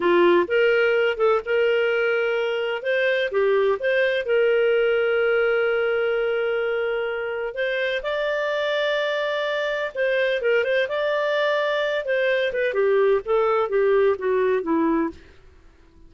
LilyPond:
\new Staff \with { instrumentName = "clarinet" } { \time 4/4 \tempo 4 = 127 f'4 ais'4. a'8 ais'4~ | ais'2 c''4 g'4 | c''4 ais'2.~ | ais'1 |
c''4 d''2.~ | d''4 c''4 ais'8 c''8 d''4~ | d''4. c''4 b'8 g'4 | a'4 g'4 fis'4 e'4 | }